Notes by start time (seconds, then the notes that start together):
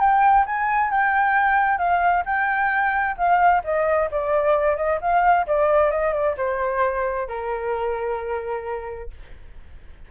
0.00 G5
0.46 G#5
0.91 G5
1.78 F5
2.26 G5
3.17 F5
3.64 D#5
4.11 D5
4.77 D#5
5.01 F5
5.47 D5
5.91 D#5
6.14 D5
6.37 C5
7.28 A#4